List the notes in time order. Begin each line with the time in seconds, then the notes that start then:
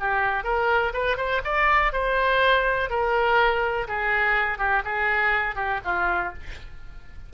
0.00 G4
0.44 A#4
0.94 B4
1.17 C5
1.44 D5
1.93 C5
2.90 A#4
3.88 G#4
4.59 G4
4.85 G#4
5.56 G4
5.85 F4